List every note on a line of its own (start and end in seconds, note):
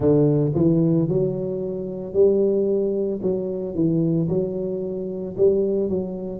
0.00 0.52 D3
0.55 1.08 E3
1.08 2.13 F#3
2.13 3.20 G3
3.22 3.75 F#3
3.75 4.28 E3
4.29 5.36 F#3
5.37 5.89 G3
5.89 6.40 F#3